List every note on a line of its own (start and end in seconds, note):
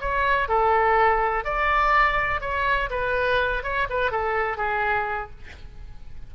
0.00 0.48 C#5
0.48 1.44 A4
1.44 2.41 D5
2.41 2.89 C#5
2.90 3.63 B4
3.63 3.87 C#5
3.89 4.11 B4
4.11 4.57 A4
4.57 5.30 G#4